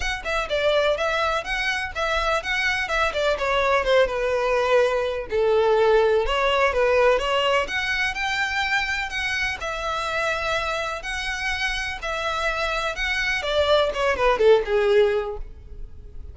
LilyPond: \new Staff \with { instrumentName = "violin" } { \time 4/4 \tempo 4 = 125 fis''8 e''8 d''4 e''4 fis''4 | e''4 fis''4 e''8 d''8 cis''4 | c''8 b'2~ b'8 a'4~ | a'4 cis''4 b'4 cis''4 |
fis''4 g''2 fis''4 | e''2. fis''4~ | fis''4 e''2 fis''4 | d''4 cis''8 b'8 a'8 gis'4. | }